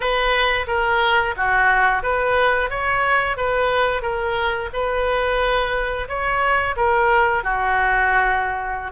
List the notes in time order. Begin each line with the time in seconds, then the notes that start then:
0.00 B4
0.67 A#4
1.36 F#4
2.03 B4
2.70 C#5
3.36 B4
4.01 A#4
4.73 B4
6.08 C#5
6.76 A#4
7.43 F#4